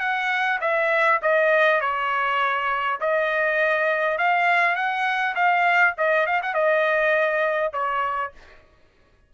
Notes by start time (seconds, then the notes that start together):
0.00 F#5
0.61 E5
1.22 D#5
1.81 C#5
3.00 D#5
4.18 F5
4.76 F#5
5.35 F5
5.98 D#5
6.26 F5
6.43 F#5
6.54 D#5
7.73 C#5